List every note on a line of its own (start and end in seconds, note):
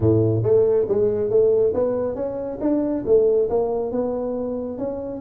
0.00 0.42 A2
0.42 0.86 A3
0.88 1.29 G#3
1.29 1.73 A3
1.74 2.15 B3
2.15 2.58 C#4
2.60 3.04 D4
3.05 3.49 A3
3.49 3.91 A#3
3.91 4.77 B3
4.77 5.20 C#4